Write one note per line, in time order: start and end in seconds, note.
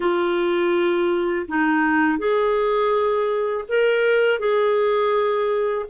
0.00 1.46 F4
1.48 2.18 D#4
2.18 3.64 G#4
3.68 4.39 A#4
4.39 5.85 G#4